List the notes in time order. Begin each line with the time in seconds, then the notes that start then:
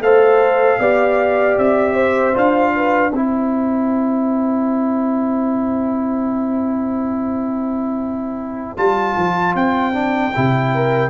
0.00 A3 A4 C5 F5
0.79 B3 G4 D5
1.58 C4 E5
1.94 C5
2.33 D4 F4 F5
2.75 B4
3.12 C4 E4 C5 G5
8.77 G3 F4 A5
9.17 F3
9.55 C4 G5
9.93 D4
10.35 C3 E4
10.74 A#4